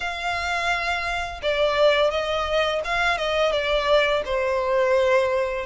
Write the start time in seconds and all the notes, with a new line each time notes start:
0.00 F5
1.42 D5
2.10 D#5
2.84 F5
3.17 D#5
3.52 D5
4.25 C5